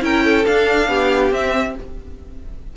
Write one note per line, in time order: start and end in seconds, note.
0.00 0.45 C#4
0.00 0.43 E4
0.00 0.24 A#4
0.00 0.45 G5
0.24 0.88 A4
0.45 1.32 D4
0.45 0.88 D4
0.45 1.31 F5
0.88 1.31 B3
0.88 1.74 G4
1.31 1.74 C4
1.31 1.75 C4
1.31 1.76 E5